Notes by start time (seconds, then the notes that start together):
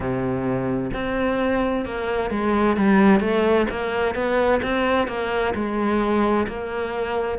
0.00 C3
0.93 C4
1.85 A#3
2.30 G#3
2.77 G3
3.20 A3
3.70 A#3
4.15 B3
4.62 C4
5.07 A#3
5.54 G#3
6.47 A#3